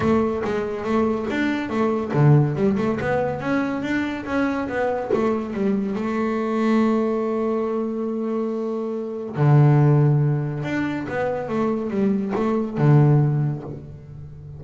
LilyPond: \new Staff \with { instrumentName = "double bass" } { \time 4/4 \tempo 4 = 141 a4 gis4 a4 d'4 | a4 d4 g8 a8 b4 | cis'4 d'4 cis'4 b4 | a4 g4 a2~ |
a1~ | a2 d2~ | d4 d'4 b4 a4 | g4 a4 d2 | }